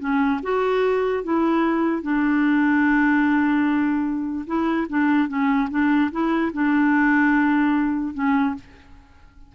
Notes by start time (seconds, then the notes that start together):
0.00 C#4
0.43 F#4
1.24 E4
2.03 D4
4.47 E4
4.89 D4
5.29 C#4
5.71 D4
6.12 E4
6.53 D4
8.14 C#4